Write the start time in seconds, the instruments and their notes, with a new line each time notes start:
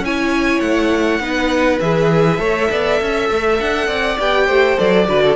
0.00 cello C#4, viola E4, violin C#5 G#5
0.61 cello A3, violin F#5
1.20 cello B3, viola D#4, violin B4
1.80 cello E3, viola G#4, violin E5
2.38 cello A3, viola A4, violin C#5
2.71 cello B3, violin D5
3.01 cello C#4, violin E5
3.30 cello A3
3.60 cello D4, violin F#5
3.88 cello C4, violin D5
4.18 cello B3, viola G4, violin G5
4.46 cello A3, violin C5
4.77 cello F#3, viola A4, violin D5
5.07 cello D3, viola F#4, violin B4
5.23 violin A4